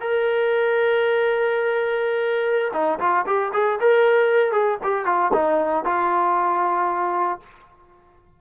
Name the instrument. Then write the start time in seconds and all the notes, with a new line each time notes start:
trombone
0.00 A#4
2.73 D#4
3.00 F4
3.26 G4
3.53 G#4
3.80 A#4
4.52 G#4
4.83 G4
5.05 F4
5.33 D#4
5.84 F4